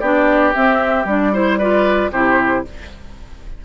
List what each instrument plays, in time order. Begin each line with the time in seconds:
0.00 bassoon B3, clarinet D4, oboe G4, flute D5
0.54 clarinet C4, bassoon C4, flute E5
1.05 bassoon G3, clarinet D4, flute D5
1.33 clarinet E4, oboe C5, flute C5
1.58 clarinet F4, oboe B4, flute D5
2.12 bassoon C3, clarinet E4, oboe G4, flute C5